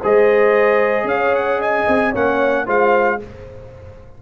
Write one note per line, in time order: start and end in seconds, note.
0.00 1.04 G#3
0.00 2.14 G#4
0.00 1.06 C5
0.00 1.08 D#5
1.04 1.84 C#4
1.04 1.58 C#5
1.04 1.35 F5
1.35 1.61 F#5
1.58 2.11 D#5
1.58 2.15 G#5
1.88 2.14 C4
2.11 2.67 A#3
2.11 2.66 C#4
2.11 2.64 C#5
2.11 2.68 F#5
2.66 3.20 G#3
2.66 3.19 F4
2.66 3.19 C5
2.66 3.22 F5